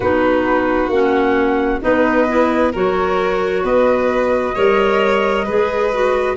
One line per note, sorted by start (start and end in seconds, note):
0.00 0.88 B3
0.00 0.92 D#4
0.00 1.82 F#4
0.00 0.89 B4
0.88 1.79 A#3
0.88 1.81 C#4
0.88 1.80 F#5
1.81 2.74 B3
1.81 2.27 D#4
1.81 2.72 B4
1.81 2.72 D#5
2.27 2.73 E4
2.72 3.63 F#3
2.72 4.55 F#4
2.72 3.63 A#4
2.72 3.64 C#5
3.63 4.54 B3
3.63 4.55 B4
3.63 6.36 D#5
4.55 5.47 G3
4.55 5.46 A#4
4.55 5.45 C#5
5.45 6.36 G#3
5.45 5.93 G#4
5.45 6.35 B4
5.93 6.36 F#4